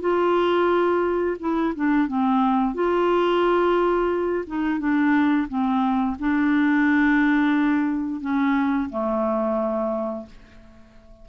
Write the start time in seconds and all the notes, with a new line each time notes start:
0.00 F4
1.39 E4
1.75 D4
2.07 C4
2.74 F4
4.46 D#4
4.79 D4
5.48 C4
6.19 D4
8.21 C#4
8.89 A3